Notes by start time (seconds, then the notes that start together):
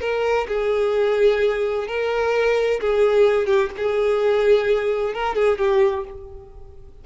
0.00 A#4
0.48 G#4
1.87 A#4
2.80 G#4
3.46 G4
3.77 G#4
5.14 A#4
5.35 G#4
5.58 G4